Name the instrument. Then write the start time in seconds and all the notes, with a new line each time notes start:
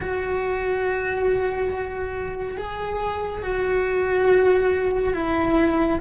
cello
0.00 F#4
2.57 G#4
3.42 F#4
5.14 E4